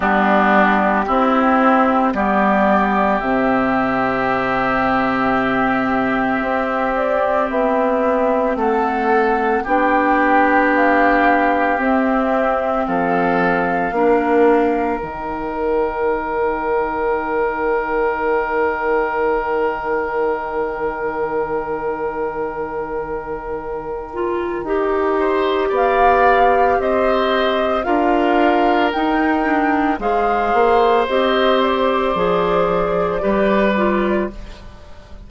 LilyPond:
<<
  \new Staff \with { instrumentName = "flute" } { \time 4/4 \tempo 4 = 56 g'2 d''4 e''4~ | e''2~ e''8 d''8 e''4 | fis''4 g''4 f''4 e''4 | f''2 g''2~ |
g''1~ | g''1 | f''4 dis''4 f''4 g''4 | f''4 dis''8 d''2~ d''8 | }
  \new Staff \with { instrumentName = "oboe" } { \time 4/4 d'4 e'4 g'2~ | g'1 | a'4 g'2. | a'4 ais'2.~ |
ais'1~ | ais'2.~ ais'8 c''8 | d''4 c''4 ais'2 | c''2. b'4 | }
  \new Staff \with { instrumentName = "clarinet" } { \time 4/4 b4 c'4 b4 c'4~ | c'1~ | c'4 d'2 c'4~ | c'4 d'4 dis'2~ |
dis'1~ | dis'2~ dis'8 f'8 g'4~ | g'2 f'4 dis'8 d'8 | gis'4 g'4 gis'4 g'8 f'8 | }
  \new Staff \with { instrumentName = "bassoon" } { \time 4/4 g4 c'4 g4 c4~ | c2 c'4 b4 | a4 b2 c'4 | f4 ais4 dis2~ |
dis1~ | dis2. dis'4 | b4 c'4 d'4 dis'4 | gis8 ais8 c'4 f4 g4 | }
>>